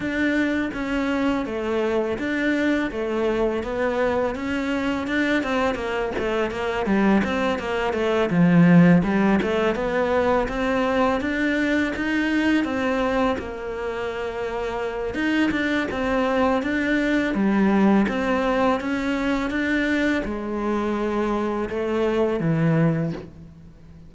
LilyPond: \new Staff \with { instrumentName = "cello" } { \time 4/4 \tempo 4 = 83 d'4 cis'4 a4 d'4 | a4 b4 cis'4 d'8 c'8 | ais8 a8 ais8 g8 c'8 ais8 a8 f8~ | f8 g8 a8 b4 c'4 d'8~ |
d'8 dis'4 c'4 ais4.~ | ais4 dis'8 d'8 c'4 d'4 | g4 c'4 cis'4 d'4 | gis2 a4 e4 | }